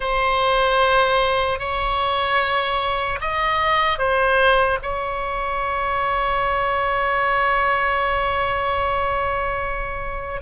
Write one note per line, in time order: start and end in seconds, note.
0.00 1.59 C5
1.59 3.19 C#5
3.20 3.98 D#5
3.98 4.78 C5
4.82 10.41 C#5